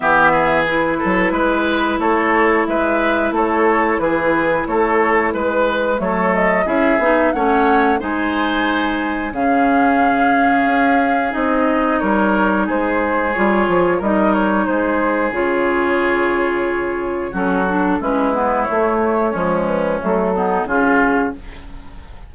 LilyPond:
<<
  \new Staff \with { instrumentName = "flute" } { \time 4/4 \tempo 4 = 90 e''4 b'2 cis''4 | e''4 cis''4 b'4 cis''4 | b'4 cis''8 dis''8 e''4 fis''4 | gis''2 f''2~ |
f''4 dis''4 cis''4 c''4 | cis''4 dis''8 cis''8 c''4 cis''4~ | cis''2 a'4 b'4 | cis''4. b'8 a'4 gis'4 | }
  \new Staff \with { instrumentName = "oboe" } { \time 4/4 g'8 gis'4 a'8 b'4 a'4 | b'4 a'4 gis'4 a'4 | b'4 a'4 gis'4 cis''4 | c''2 gis'2~ |
gis'2 ais'4 gis'4~ | gis'4 ais'4 gis'2~ | gis'2 fis'4 e'4~ | e'4 cis'4. dis'8 f'4 | }
  \new Staff \with { instrumentName = "clarinet" } { \time 4/4 b4 e'2.~ | e'1~ | e'4 a4 e'8 dis'8 cis'4 | dis'2 cis'2~ |
cis'4 dis'2. | f'4 dis'2 f'4~ | f'2 cis'8 d'8 cis'8 b8 | a4 gis4 a8 b8 cis'4 | }
  \new Staff \with { instrumentName = "bassoon" } { \time 4/4 e4. fis8 gis4 a4 | gis4 a4 e4 a4 | gis4 fis4 cis'8 b8 a4 | gis2 cis2 |
cis'4 c'4 g4 gis4 | g8 f8 g4 gis4 cis4~ | cis2 fis4 gis4 | a4 f4 fis4 cis4 | }
>>